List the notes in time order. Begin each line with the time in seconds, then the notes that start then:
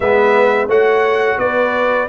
0.00 G#3 B3 B4 E5
0.67 A3 F#4 C#5 F#5
1.37 B3 B4 D5